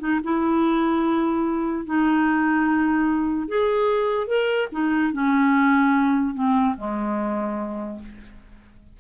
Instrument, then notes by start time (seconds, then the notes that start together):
clarinet
0.00 D#4
0.24 E4
1.86 D#4
3.48 G#4
4.27 A#4
4.73 D#4
5.13 C#4
6.35 C4
6.77 G#3